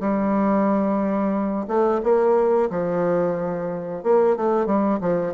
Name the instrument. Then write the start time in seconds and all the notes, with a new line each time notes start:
bassoon
0.00 G3
1.68 A3
2.03 A#3
2.70 F3
4.03 A#3
4.36 A3
4.66 G3
5.01 F3